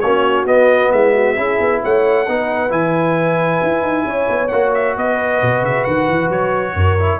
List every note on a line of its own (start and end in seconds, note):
0.00 0.45 A#3
0.00 0.47 C#4
0.00 0.93 F#4
0.00 0.45 C#5
0.45 0.89 B3
0.45 1.36 B3
0.45 0.92 D#5
0.92 1.37 G#3
0.92 1.14 E4
0.92 1.81 E5
1.14 1.36 F#4
1.36 1.59 C#4
1.36 2.26 E4
1.36 1.81 G#4
1.61 1.83 B3
1.83 2.28 A3
1.83 2.27 C#5
1.83 2.72 F#5
2.28 2.71 B3
2.28 2.69 D#4
2.28 4.06 B4
2.69 3.60 E3
2.69 4.49 E4
2.69 4.48 G#5
3.63 3.82 E4
3.82 4.04 D#4
4.05 4.27 C#4
4.05 4.96 C#5
4.29 4.51 B3
4.48 4.96 A#3
4.48 6.99 F#4
4.48 4.71 F#5
4.74 4.96 E5
4.96 5.41 B3
4.96 6.76 B4
4.96 5.65 D#5
5.42 5.62 B2
5.62 5.84 C#3
5.62 5.84 E5
5.84 6.08 D#3
5.84 6.29 F#5
6.08 6.29 E3
6.29 6.74 F#3
6.29 7.19 C#5
6.74 7.19 F#2
6.74 7.19 A#4
6.99 7.19 E4